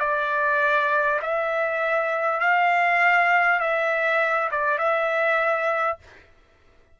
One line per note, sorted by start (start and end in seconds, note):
0.00 1.20 D5
1.22 2.40 E5
2.40 3.60 F5
3.60 4.50 E5
4.51 4.78 D5
4.78 5.98 E5